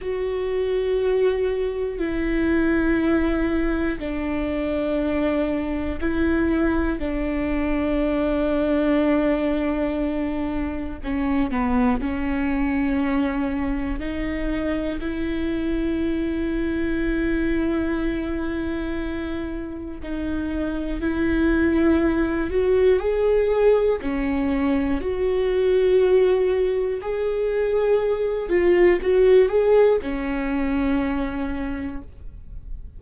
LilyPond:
\new Staff \with { instrumentName = "viola" } { \time 4/4 \tempo 4 = 60 fis'2 e'2 | d'2 e'4 d'4~ | d'2. cis'8 b8 | cis'2 dis'4 e'4~ |
e'1 | dis'4 e'4. fis'8 gis'4 | cis'4 fis'2 gis'4~ | gis'8 f'8 fis'8 gis'8 cis'2 | }